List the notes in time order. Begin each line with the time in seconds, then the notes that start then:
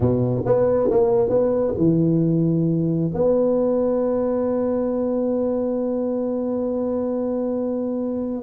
0.00 B2
0.45 B3
0.90 A#3
1.29 B3
1.77 E3
3.14 B3